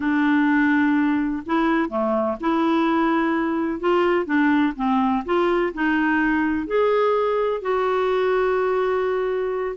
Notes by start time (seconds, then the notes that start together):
0.00 D4
1.45 E4
1.89 A3
2.40 E4
3.80 F4
4.25 D4
4.76 C4
5.25 F4
5.73 D#4
6.66 G#4
7.61 F#4